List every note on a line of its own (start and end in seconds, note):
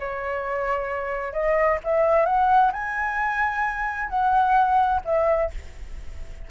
0.00 1.33 C#5
1.33 1.79 D#5
1.84 2.26 E5
2.26 2.72 F#5
2.73 4.09 G#5
4.09 5.01 F#5
5.05 5.51 E5